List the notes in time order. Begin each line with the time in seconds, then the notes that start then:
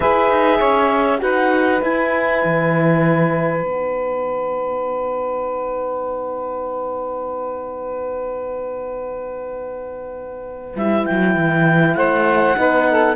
0.00 E4 G#4 B4 E5
0.30 D#4
0.58 C#4 C#5
1.19 D#4 F#4 B4 F#5
1.81 E4 G#5
2.44 E3
3.62 B3 D#4 F#5
10.76 G3 E4 E5
11.06 F#3 G5
11.35 E3
11.94 A3 C5 F#5
12.55 B3 D#4 B4
12.89 A4